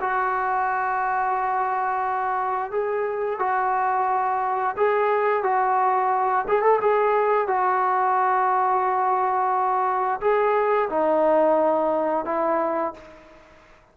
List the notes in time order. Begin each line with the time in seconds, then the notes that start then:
0.00 F#4
2.71 G#4
3.39 F#4
4.77 G#4
5.43 F#4
6.48 G#4
6.62 A4
6.81 G#4
7.47 F#4
10.20 G#4
10.89 D#4
12.25 E4